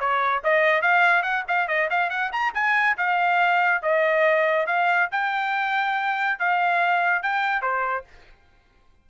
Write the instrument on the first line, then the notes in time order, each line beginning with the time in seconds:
trumpet
0.00 C#5
0.44 D#5
0.82 F5
1.22 F#5
1.48 F5
1.68 D#5
1.90 F5
2.10 F#5
2.32 A#5
2.54 G#5
2.97 F5
3.82 D#5
4.67 F5
5.11 G5
6.39 F5
7.23 G5
7.62 C5